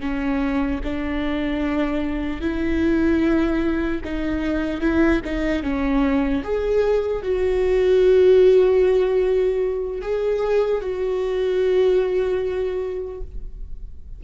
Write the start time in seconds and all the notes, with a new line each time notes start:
0.00 C#4
0.83 D4
2.41 E4
4.04 D#4
4.81 E4
5.25 D#4
5.63 C#4
6.43 G#4
7.22 F#4
10.01 G#4
10.81 F#4